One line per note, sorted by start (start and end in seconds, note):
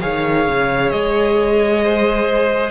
0.00 0.47 D#3
0.00 2.70 G#4
0.00 1.83 C#5
0.00 0.90 F5
0.47 0.91 C#3
0.90 2.70 G#3
0.90 2.70 D#5
1.83 2.70 C5